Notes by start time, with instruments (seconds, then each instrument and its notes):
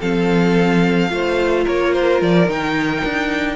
0.00 cello F3, viola C4, violin A4 F5
1.09 cello A3, viola F4, violin C5
1.64 cello A#3, violin A#4 C#5
1.93 violin C5
2.21 cello F3, violin D5
2.47 cello D#3, viola D#4, violin G5
3.04 cello D4